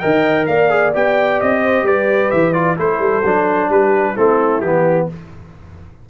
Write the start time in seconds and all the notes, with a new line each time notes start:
0.00 D#3 A#4 D#5 G5
0.47 A#3 D5 F5
0.70 G#4
0.94 B3 G4 G5
1.41 C4 D#5
1.64 C5
1.83 G3 B4 D5
2.31 E3 E5
2.53 F4 D5
2.77 A3 E4 A4 C5
3.00 G3
3.24 F#3 D4
3.70 G3 G4 B4
4.14 A3 C4 E4 A4
4.61 E3 B3 G4